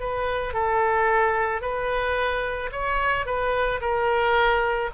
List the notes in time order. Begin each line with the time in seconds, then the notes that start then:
0.00 B4
0.54 A4
1.61 B4
2.72 C#5
3.26 B4
3.81 A#4